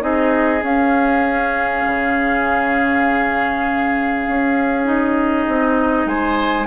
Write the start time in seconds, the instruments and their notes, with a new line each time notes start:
0.00 bassoon C4, clarinet D#4, oboe G#4, flute D#5
0.62 bassoon C#4, clarinet C#4, flute F5
1.86 bassoon C#3
4.28 bassoon C#4
4.85 clarinet D#4, flute D#5
5.48 bassoon C4
6.06 bassoon G#3, oboe C5, flute G#5